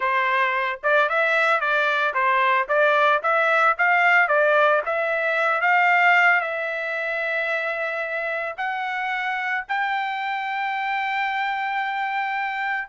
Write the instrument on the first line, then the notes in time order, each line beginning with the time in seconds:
trumpet
0.00 C5
0.83 D5
1.09 E5
1.60 D5
2.14 C5
2.68 D5
3.23 E5
3.77 F5
4.28 D5
4.85 E5
5.61 F5
6.40 E5
8.57 F#5
9.68 G5